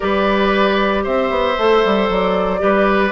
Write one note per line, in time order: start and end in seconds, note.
0.00 1.06 G3
0.00 1.56 G4
0.00 1.03 B4
0.00 1.04 D5
1.03 1.30 C4
1.03 2.60 C5
1.03 2.09 E5
1.30 1.56 B3
1.57 1.84 A3
1.57 2.58 A4
1.84 2.09 G3
2.09 2.61 F#3
2.09 3.12 D5
2.58 3.12 G3
2.58 3.10 G4
2.58 3.12 B4